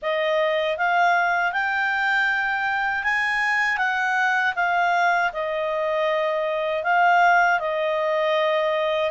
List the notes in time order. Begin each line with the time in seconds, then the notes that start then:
0.02 D#5
0.77 F5
1.52 G5
3.03 G#5
3.77 F#5
4.55 F5
5.32 D#5
6.83 F5
7.59 D#5